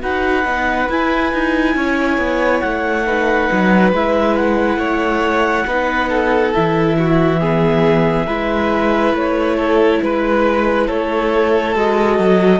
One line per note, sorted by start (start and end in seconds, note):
0.00 0.45 D#4
0.00 0.43 F#4
0.00 1.76 B4
0.00 0.89 F#5
0.44 0.88 B3
0.44 0.88 D#4
0.89 1.33 E4
0.89 3.06 E4
0.89 2.60 G#5
1.33 1.75 D#4
1.75 2.18 C#4
1.75 3.06 C#5
2.18 2.61 B3
2.60 3.50 A3
2.60 3.90 F#5
3.06 3.93 D#4
3.06 4.79 B4
3.51 3.93 F#3
3.93 4.77 G#3
3.93 5.67 E4
3.93 4.36 E5
4.36 6.53 F#5
4.77 5.64 A3
4.77 5.66 C#5
5.66 6.53 B3
5.66 6.54 D#4
5.66 6.10 B4
6.10 6.97 A4
6.54 8.27 E3
6.54 7.41 E4
6.54 9.15 E5
6.98 7.40 F#4
7.40 8.28 B3
7.40 8.26 G#4
8.26 9.13 G#3
8.26 11.76 E4
8.26 9.56 B4
9.13 10.00 A3
9.13 10.03 C#5
9.56 9.99 A4
10.02 10.89 G#3
10.02 10.88 B4
10.02 10.87 B4
10.87 11.75 A3
10.87 12.60 A4
10.87 11.75 C#5
11.75 12.18 G#3
11.75 12.60 F#4
11.75 12.60 D#5
12.18 12.60 F#3